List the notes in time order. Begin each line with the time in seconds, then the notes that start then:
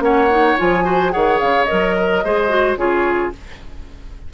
0.00 A#3 C#4 C#5 F#5
0.31 D#4
0.58 F3 F4 G#5
0.84 F#4 C5
1.11 D#3 G#4 C#5 F#5
1.40 C#3 F5
1.65 A#4 D#5
1.72 F#3
1.97 A#4
2.24 G#3 G#4 C5
2.49 F#4
2.76 C#3 F4 G#4 C#5